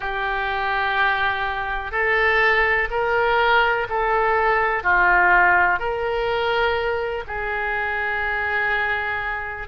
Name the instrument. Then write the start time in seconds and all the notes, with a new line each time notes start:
oboe
0.00 G4
1.91 A4
2.90 A#4
3.89 A4
4.83 F4
5.78 A#4
7.27 G#4